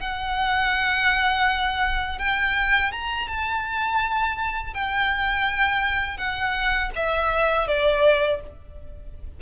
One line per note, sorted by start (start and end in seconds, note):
0.00 2.19 F#5
2.19 2.92 G5
2.92 3.28 A#5
3.28 4.74 A5
4.74 6.18 G5
6.18 6.91 F#5
6.96 7.68 E5
7.68 8.41 D5